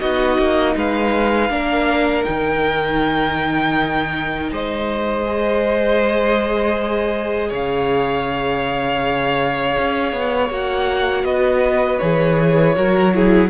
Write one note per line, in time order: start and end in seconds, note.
0.00 0.38 B3
0.00 1.50 D#4
0.00 0.75 F#4
0.00 0.75 D#5
0.38 0.76 A#3
0.76 1.50 G#3
0.76 1.52 B4
0.76 2.25 F5
1.50 2.25 A#3
1.50 2.24 D4
1.50 4.52 A#4
2.24 4.51 D#3
2.24 5.24 D#4
2.24 4.50 G5
4.51 7.51 G#3
4.51 7.49 C5
4.51 7.53 D#5
5.26 10.51 G#4
7.49 9.77 C#3
7.49 11.24 C#5
7.49 10.52 F5
9.79 10.12 C#4
10.12 10.50 B3
10.50 11.24 A#3
10.50 12.01 F#4
10.50 11.25 F#5
11.24 11.99 B3
11.24 12.75 B4
11.24 11.99 D#5
11.99 12.77 E3
11.99 12.75 G#4
11.99 13.49 C#5
12.75 13.50 F#3
12.75 13.13 F#4
12.75 13.14 A#4
13.14 13.50 E4
13.14 13.50 G#4